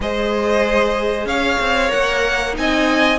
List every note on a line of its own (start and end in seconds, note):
0.00 1.25 G#3
0.00 1.87 G#4
0.00 1.27 C5
0.00 1.27 D#5
1.25 1.57 C#4
1.25 2.55 C#5
1.25 1.91 F5
1.60 1.91 C4
1.87 2.51 A#4
1.87 2.55 F#5
1.93 2.57 A#3
2.53 3.18 C4
2.53 3.16 D#4
2.53 3.18 G#5
2.59 3.18 D#5